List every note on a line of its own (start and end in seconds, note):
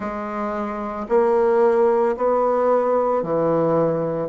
0.00 1.07 G#3
1.08 2.15 A#3
2.17 3.22 B3
3.22 4.28 E3